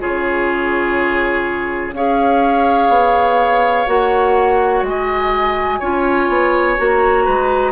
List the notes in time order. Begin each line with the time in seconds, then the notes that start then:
0.00 C#3 F4 G#4 C#5
1.93 C#4 G#4 C#5 F5
2.89 B3
3.87 A#3 F#4 F#5
4.83 G#3 G#5
4.89 D#5
5.79 C#4 F4 C#5
6.29 B3
6.77 A#3 F#4 A#5
7.25 G#3 B4